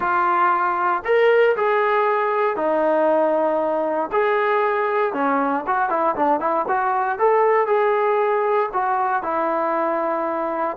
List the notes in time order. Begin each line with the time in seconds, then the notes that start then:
0.00 F4
1.04 A#4
1.56 G#4
2.56 D#4
4.12 G#4
5.13 C#4
5.66 F#4
5.89 E4
6.15 D4
6.39 E4
6.67 F#4
7.18 A4
7.67 G#4
8.73 F#4
9.23 E4